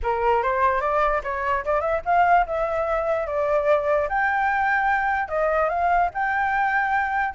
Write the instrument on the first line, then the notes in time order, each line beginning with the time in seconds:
flute
0.02 A#4
0.42 C5
0.81 D5
1.23 C#5
1.64 D5
1.80 E5
2.05 F5
2.46 E5
3.27 D5
4.09 G5
5.28 D#5
5.69 F5
6.14 G5